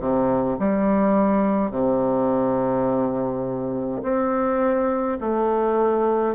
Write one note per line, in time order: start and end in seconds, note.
0.00 0.58 C3
0.60 1.71 G3
1.71 4.02 C3
4.03 5.18 C4
5.20 6.35 A3